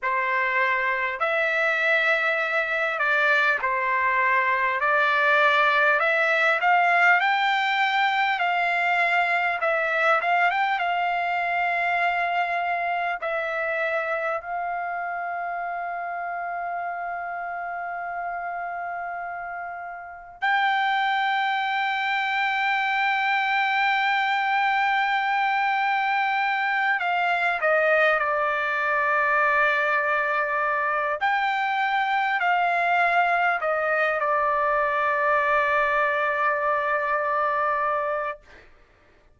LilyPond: \new Staff \with { instrumentName = "trumpet" } { \time 4/4 \tempo 4 = 50 c''4 e''4. d''8 c''4 | d''4 e''8 f''8 g''4 f''4 | e''8 f''16 g''16 f''2 e''4 | f''1~ |
f''4 g''2.~ | g''2~ g''8 f''8 dis''8 d''8~ | d''2 g''4 f''4 | dis''8 d''2.~ d''8 | }